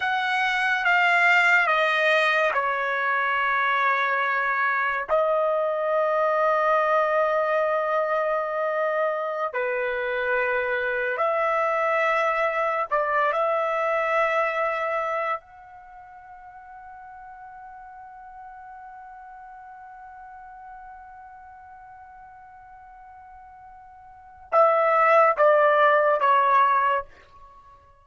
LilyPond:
\new Staff \with { instrumentName = "trumpet" } { \time 4/4 \tempo 4 = 71 fis''4 f''4 dis''4 cis''4~ | cis''2 dis''2~ | dis''2.~ dis''16 b'8.~ | b'4~ b'16 e''2 d''8 e''16~ |
e''2~ e''16 fis''4.~ fis''16~ | fis''1~ | fis''1~ | fis''4 e''4 d''4 cis''4 | }